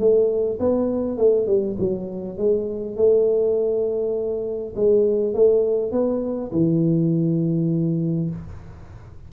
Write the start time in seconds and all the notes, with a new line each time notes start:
0.00 A3
0.60 B3
1.18 A3
1.47 G3
1.79 F#3
2.38 G#3
2.97 A3
4.76 G#3
5.34 A3
5.92 B3
6.52 E3